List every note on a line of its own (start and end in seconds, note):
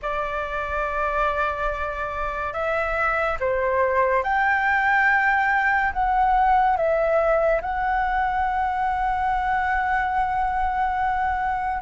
0.02 2.53 D5
2.53 3.37 E5
3.40 4.23 C5
4.23 5.92 G5
5.92 6.76 F#5
6.76 7.61 E5
7.61 11.82 F#5